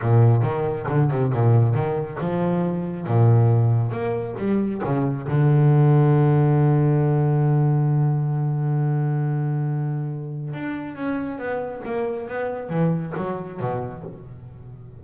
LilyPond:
\new Staff \with { instrumentName = "double bass" } { \time 4/4 \tempo 4 = 137 ais,4 dis4 d8 c8 ais,4 | dis4 f2 ais,4~ | ais,4 ais4 g4 cis4 | d1~ |
d1~ | d1 | d'4 cis'4 b4 ais4 | b4 e4 fis4 b,4 | }